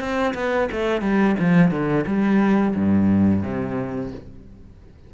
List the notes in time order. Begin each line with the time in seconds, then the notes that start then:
0.00 C4
0.34 B3
0.72 A3
1.02 G3
1.39 F3
1.71 D3
2.07 G3
2.76 G2
3.43 C3